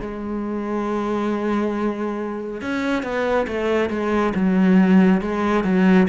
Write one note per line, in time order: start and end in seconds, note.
0.00 2.61 G#3
2.61 3.02 C#4
3.02 3.46 B3
3.47 3.89 A3
3.89 4.33 G#3
4.34 5.21 F#3
5.21 5.64 G#3
5.64 6.07 F#3